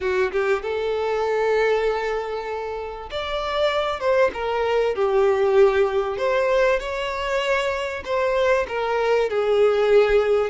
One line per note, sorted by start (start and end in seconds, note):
0.00 0.31 F#4
0.32 0.62 G4
0.62 3.09 A4
3.11 4.00 D5
4.00 4.30 C5
4.33 4.95 A#4
4.95 6.17 G4
6.17 6.79 C5
6.79 8.03 C#5
8.04 8.66 C5
8.68 9.30 A#4
9.30 10.50 G#4